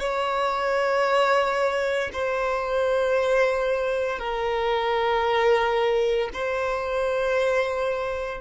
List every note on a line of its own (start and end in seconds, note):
0.00 2.11 C#5
2.13 4.19 C5
4.19 6.30 A#4
6.33 8.41 C5